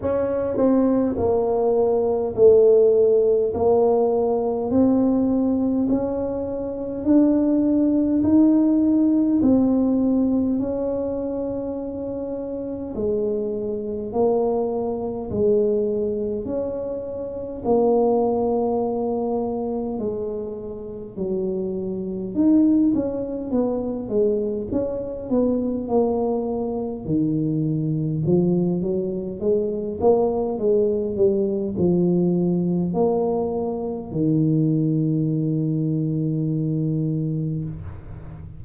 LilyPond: \new Staff \with { instrumentName = "tuba" } { \time 4/4 \tempo 4 = 51 cis'8 c'8 ais4 a4 ais4 | c'4 cis'4 d'4 dis'4 | c'4 cis'2 gis4 | ais4 gis4 cis'4 ais4~ |
ais4 gis4 fis4 dis'8 cis'8 | b8 gis8 cis'8 b8 ais4 dis4 | f8 fis8 gis8 ais8 gis8 g8 f4 | ais4 dis2. | }